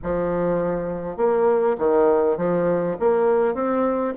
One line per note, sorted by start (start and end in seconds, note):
0.02 1.16 F3
1.16 1.76 A#3
1.78 2.37 D#3
2.37 2.96 F3
2.99 3.54 A#3
3.54 4.13 C4